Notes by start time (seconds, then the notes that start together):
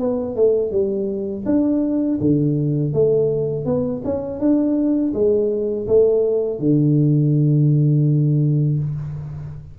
0.00 B3
0.36 A3
0.72 G3
1.46 D4
2.21 D3
2.94 A3
3.66 B3
4.05 C#4
4.40 D4
5.14 G#3
5.88 A3
6.60 D3